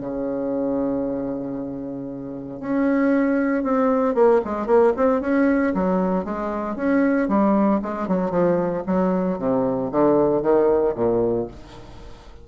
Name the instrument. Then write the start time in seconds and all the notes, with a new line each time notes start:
bassoon
0.00 C#3
2.60 C#4
3.63 C4
4.14 A#3
4.44 G#3
4.66 A#3
4.96 C4
5.21 C#4
5.74 F#3
6.24 G#3
6.76 C#4
7.28 G3
7.82 G#3
8.08 F#3
8.31 F3
8.86 F#3
9.38 C3
9.91 D3
10.42 D#3
10.95 A#2